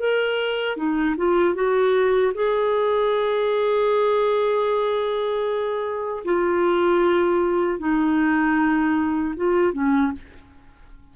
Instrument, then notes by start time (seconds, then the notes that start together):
clarinet
0.00 A#4
0.77 D#4
1.18 F4
1.55 F#4
2.35 G#4
6.25 F4
7.79 D#4
9.37 F4
9.74 C#4